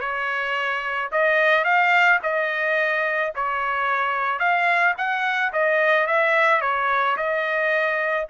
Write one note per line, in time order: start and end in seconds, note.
0.00 1.10 C#5
1.11 1.64 D#5
1.64 2.19 F5
2.23 3.33 D#5
3.35 4.39 C#5
4.39 4.94 F5
4.97 5.52 F#5
5.52 6.07 D#5
6.07 6.61 E5
6.61 7.16 C#5
7.17 8.27 D#5